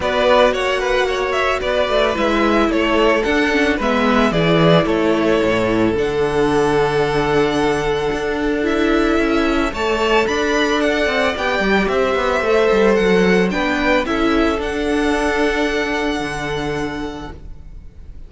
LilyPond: <<
  \new Staff \with { instrumentName = "violin" } { \time 4/4 \tempo 4 = 111 d''4 fis''4. e''8 d''4 | e''4 cis''4 fis''4 e''4 | d''4 cis''2 fis''4~ | fis''1 |
e''2 a''4 b''4 | fis''4 g''4 e''2 | fis''4 g''4 e''4 fis''4~ | fis''1 | }
  \new Staff \with { instrumentName = "violin" } { \time 4/4 b'4 cis''8 b'8 cis''4 b'4~ | b'4 a'2 b'4 | gis'4 a'2.~ | a'1~ |
a'2 cis''4 d''4~ | d''2 c''2~ | c''4 b'4 a'2~ | a'1 | }
  \new Staff \with { instrumentName = "viola" } { \time 4/4 fis'1 | e'2 d'8 cis'8 b4 | e'2. d'4~ | d'1 |
e'2 a'2~ | a'4 g'2 a'4~ | a'4 d'4 e'4 d'4~ | d'1 | }
  \new Staff \with { instrumentName = "cello" } { \time 4/4 b4 ais2 b8 a8 | gis4 a4 d'4 gis4 | e4 a4 a,4 d4~ | d2. d'4~ |
d'4 cis'4 a4 d'4~ | d'8 c'8 b8 g8 c'8 b8 a8 g8 | fis4 b4 cis'4 d'4~ | d'2 d2 | }
>>